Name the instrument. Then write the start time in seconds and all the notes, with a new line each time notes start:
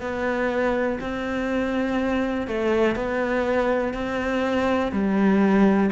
cello
0.00 B3
1.00 C4
2.47 A3
2.95 B3
3.93 C4
4.91 G3